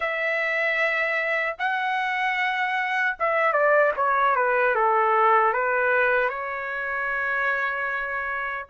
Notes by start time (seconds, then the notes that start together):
0.00 E5
1.58 F#5
3.19 E5
3.52 D5
3.96 C#5
4.35 B4
4.75 A4
5.53 B4
6.29 C#5